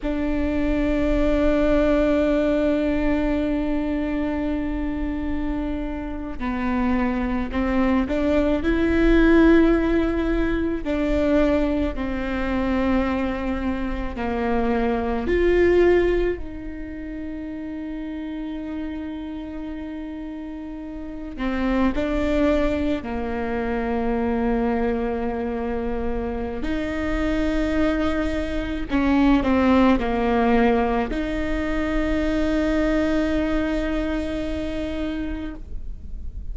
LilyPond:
\new Staff \with { instrumentName = "viola" } { \time 4/4 \tempo 4 = 54 d'1~ | d'4.~ d'16 b4 c'8 d'8 e'16~ | e'4.~ e'16 d'4 c'4~ c'16~ | c'8. ais4 f'4 dis'4~ dis'16~ |
dis'2.~ dis'16 c'8 d'16~ | d'8. ais2.~ ais16 | dis'2 cis'8 c'8 ais4 | dis'1 | }